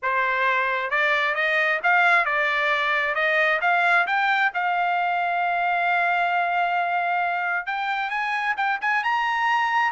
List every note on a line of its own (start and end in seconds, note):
0.02 0.90 C5
0.90 1.35 D5
1.35 1.80 D#5
1.83 2.25 F5
2.25 3.15 D5
3.15 3.60 D#5
3.61 4.06 F5
4.06 4.51 G5
4.54 7.66 F5
7.66 8.10 G5
8.10 8.55 G#5
8.57 8.79 G5
8.81 9.03 G#5
9.03 9.91 A#5